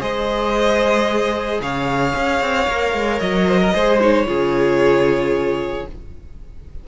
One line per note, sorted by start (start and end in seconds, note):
0.00 1.60 G#3
0.00 2.65 G#4
0.00 1.60 C5
0.00 1.61 D#5
1.61 2.14 C#3
1.61 3.47 C#5
1.61 3.19 F5
2.15 2.40 C#4
2.40 2.67 C4
2.67 2.93 A#3
2.67 3.74 A#4
2.93 3.20 G#3
3.19 3.73 F#3
3.19 3.99 D#5
3.47 3.60 C5
3.60 3.73 A#4
3.73 4.26 G#3
3.73 4.00 G#4
3.73 4.27 C5
4.00 4.25 D#4
4.00 5.87 C#5
4.25 5.86 C#3
4.25 5.85 F4
4.25 5.86 G#4